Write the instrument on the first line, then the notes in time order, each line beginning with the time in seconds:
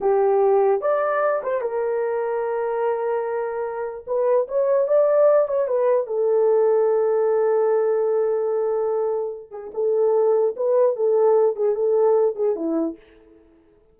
horn
0.00 G4
0.81 D5
1.43 C5
1.61 A#4
4.06 B4
4.48 C#5
4.87 D5
5.48 C#5
5.67 B4
6.06 A4
9.50 G#4
9.74 A4
10.56 B4
10.96 A4
11.56 G#4
11.75 A4
12.35 G#4
12.55 E4